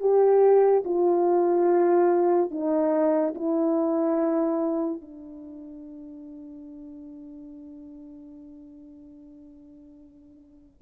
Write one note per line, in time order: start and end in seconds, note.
0.00 0.83 G4
0.85 2.51 F4
2.51 3.34 D#4
3.35 5.02 E4
5.02 10.82 D4